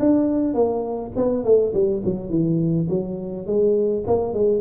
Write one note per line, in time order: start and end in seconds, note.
0.00 0.54 D4
0.54 1.12 A#3
1.16 1.45 B3
1.45 1.74 A3
1.74 2.03 G3
2.05 2.30 F#3
2.30 2.88 E3
2.90 3.47 F#3
3.47 4.05 G#3
4.08 4.34 A#3
4.34 4.61 G#3